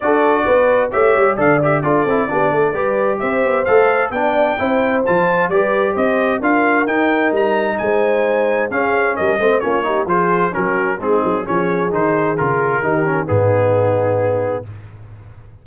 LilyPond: <<
  \new Staff \with { instrumentName = "trumpet" } { \time 4/4 \tempo 4 = 131 d''2 e''4 f''8 e''8 | d''2. e''4 | f''4 g''2 a''4 | d''4 dis''4 f''4 g''4 |
ais''4 gis''2 f''4 | dis''4 cis''4 c''4 ais'4 | gis'4 cis''4 c''4 ais'4~ | ais'4 gis'2. | }
  \new Staff \with { instrumentName = "horn" } { \time 4/4 a'4 b'4 cis''4 d''4 | a'4 g'8 a'8 b'4 c''4~ | c''4 d''4 c''2 | b'4 c''4 ais'2~ |
ais'4 c''2 gis'4 | ais'8 c''8 f'8 g'8 gis'4 fis'4 | dis'4 gis'2. | g'4 dis'2. | }
  \new Staff \with { instrumentName = "trombone" } { \time 4/4 fis'2 g'4 a'8 g'8 | f'8 e'8 d'4 g'2 | a'4 d'4 e'4 f'4 | g'2 f'4 dis'4~ |
dis'2. cis'4~ | cis'8 c'8 cis'8 dis'8 f'4 cis'4 | c'4 cis'4 dis'4 f'4 | dis'8 cis'8 b2. | }
  \new Staff \with { instrumentName = "tuba" } { \time 4/4 d'4 b4 a8 g8 d4 | d'8 c'8 b8 a8 g4 c'8 b8 | a4 b4 c'4 f4 | g4 c'4 d'4 dis'4 |
g4 gis2 cis'4 | g8 a8 ais4 f4 fis4 | gis8 fis8 f4 dis4 cis4 | dis4 gis,2. | }
>>